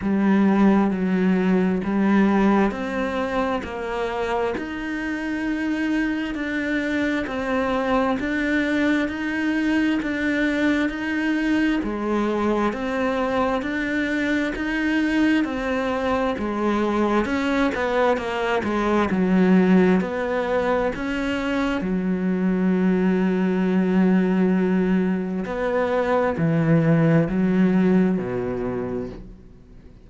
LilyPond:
\new Staff \with { instrumentName = "cello" } { \time 4/4 \tempo 4 = 66 g4 fis4 g4 c'4 | ais4 dis'2 d'4 | c'4 d'4 dis'4 d'4 | dis'4 gis4 c'4 d'4 |
dis'4 c'4 gis4 cis'8 b8 | ais8 gis8 fis4 b4 cis'4 | fis1 | b4 e4 fis4 b,4 | }